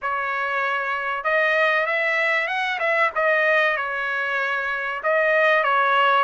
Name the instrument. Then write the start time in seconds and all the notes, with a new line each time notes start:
trumpet
0.01 C#5
1.24 D#5
1.86 E5
2.47 F#5
2.79 E5
3.15 D#5
3.76 C#5
5.03 D#5
5.63 C#5